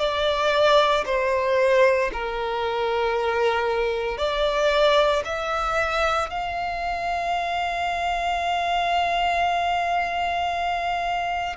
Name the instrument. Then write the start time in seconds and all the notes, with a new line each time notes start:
violin
0.00 D5
1.06 C5
2.13 A#4
4.18 D5
5.25 E5
6.30 F5